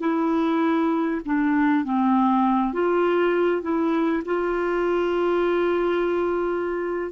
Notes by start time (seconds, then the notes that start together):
0.00 E4
1.25 D4
1.84 C4
2.73 F4
3.62 E4
4.25 F4